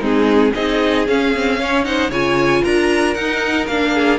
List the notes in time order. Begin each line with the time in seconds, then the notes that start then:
0.00 G#3 C4 D#4 G#4
0.54 C4 D#4 G#4 D#5
1.06 C#4 F5
1.35 C4
1.59 C#4 C#5
1.84 D#4 C5 F#5
2.09 C#3 F4 C#5 G#5
2.63 D4 A#4 A#5
3.14 D#4 F#5
3.66 A#3 D4 F5
3.94 G#4